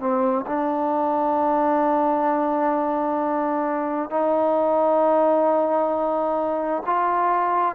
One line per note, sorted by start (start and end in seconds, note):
0.00 0.45 C4
0.47 4.10 D4
4.10 6.83 D#4
6.86 7.76 F4